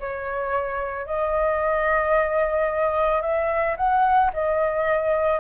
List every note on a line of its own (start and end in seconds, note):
0.00 1.06 C#5
1.06 3.22 D#5
3.22 3.76 E5
3.77 4.32 F#5
4.33 5.40 D#5